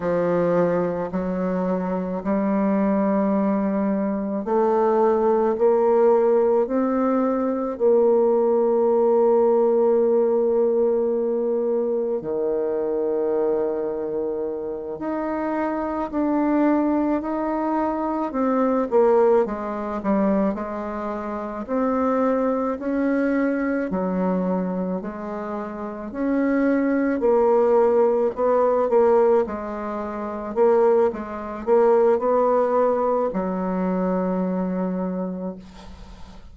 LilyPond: \new Staff \with { instrumentName = "bassoon" } { \time 4/4 \tempo 4 = 54 f4 fis4 g2 | a4 ais4 c'4 ais4~ | ais2. dis4~ | dis4. dis'4 d'4 dis'8~ |
dis'8 c'8 ais8 gis8 g8 gis4 c'8~ | c'8 cis'4 fis4 gis4 cis'8~ | cis'8 ais4 b8 ais8 gis4 ais8 | gis8 ais8 b4 fis2 | }